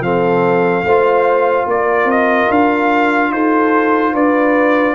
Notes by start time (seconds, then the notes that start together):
0.00 F3 C4 A4 F5
0.83 A3 F4 C5
1.66 A#3 A#4 D5
2.04 C4 D#5
2.49 D4 F5
3.30 D#4 A4 C5
4.12 D4 B4 D5